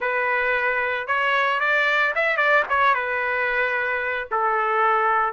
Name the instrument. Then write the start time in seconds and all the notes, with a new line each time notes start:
trumpet
0.00 B4
1.07 C#5
1.59 D5
2.15 E5
2.36 D5
2.69 C#5
2.94 B4
4.31 A4